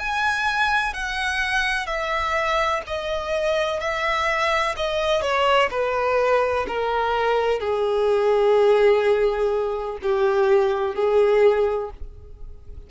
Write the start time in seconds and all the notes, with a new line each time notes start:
0.00 G#5
0.94 F#5
1.87 E5
2.87 D#5
3.81 E5
4.77 D#5
5.22 C#5
5.71 B4
6.68 A#4
7.60 G#4
10.03 G4
10.96 G#4